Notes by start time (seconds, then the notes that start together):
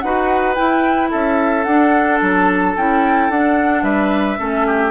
0.00 D#4 F#4 B4 F#5
0.55 E4 G5
1.11 C#4 A4 E5
1.64 D4 F#5
1.70 D4
2.22 F#3 A5
2.76 C#4 E4 G5
3.30 D4 F#5
3.83 G3 B4 E5
4.38 A3 C#4 A4
4.67 G4